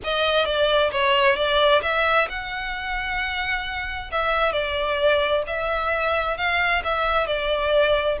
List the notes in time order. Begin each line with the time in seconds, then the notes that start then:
0.04 D#5
0.45 D5
0.91 C#5
1.36 D5
1.82 E5
2.29 F#5
4.11 E5
4.52 D5
5.47 E5
6.37 F5
6.84 E5
7.26 D5